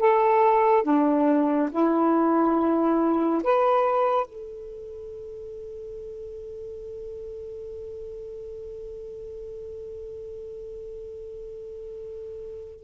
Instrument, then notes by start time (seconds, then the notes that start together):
saxophone
0.00 A4
0.84 D4
1.71 E4
3.44 B4
4.27 A4